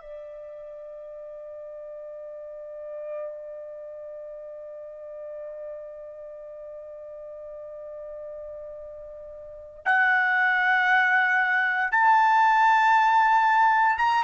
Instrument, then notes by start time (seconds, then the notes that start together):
trumpet
0.00 D5
9.85 F#5
11.92 A5
13.98 A#5